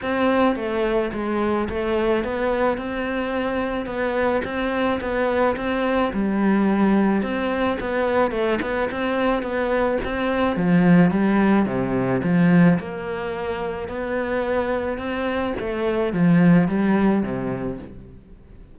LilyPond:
\new Staff \with { instrumentName = "cello" } { \time 4/4 \tempo 4 = 108 c'4 a4 gis4 a4 | b4 c'2 b4 | c'4 b4 c'4 g4~ | g4 c'4 b4 a8 b8 |
c'4 b4 c'4 f4 | g4 c4 f4 ais4~ | ais4 b2 c'4 | a4 f4 g4 c4 | }